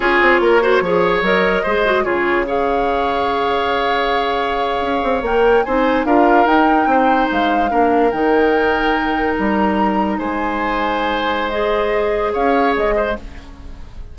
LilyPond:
<<
  \new Staff \with { instrumentName = "flute" } { \time 4/4 \tempo 4 = 146 cis''2. dis''4~ | dis''4 cis''4 f''2~ | f''1~ | f''8. g''4 gis''4 f''4 g''16~ |
g''4.~ g''16 f''2 g''16~ | g''2~ g''8. ais''4~ ais''16~ | ais''8. gis''2.~ gis''16 | dis''2 f''4 dis''4 | }
  \new Staff \with { instrumentName = "oboe" } { \time 4/4 gis'4 ais'8 c''8 cis''2 | c''4 gis'4 cis''2~ | cis''1~ | cis''4.~ cis''16 c''4 ais'4~ ais'16~ |
ais'8. c''2 ais'4~ ais'16~ | ais'1~ | ais'8. c''2.~ c''16~ | c''2 cis''4. c''8 | }
  \new Staff \with { instrumentName = "clarinet" } { \time 4/4 f'4. fis'8 gis'4 ais'4 | gis'8 fis'8 f'4 gis'2~ | gis'1~ | gis'8. ais'4 dis'4 f'4 dis'16~ |
dis'2~ dis'8. d'4 dis'16~ | dis'1~ | dis'1 | gis'1 | }
  \new Staff \with { instrumentName = "bassoon" } { \time 4/4 cis'8 c'8 ais4 f4 fis4 | gis4 cis2.~ | cis2.~ cis8. cis'16~ | cis'16 c'8 ais4 c'4 d'4 dis'16~ |
dis'8. c'4 gis4 ais4 dis16~ | dis2~ dis8. g4~ g16~ | g8. gis2.~ gis16~ | gis2 cis'4 gis4 | }
>>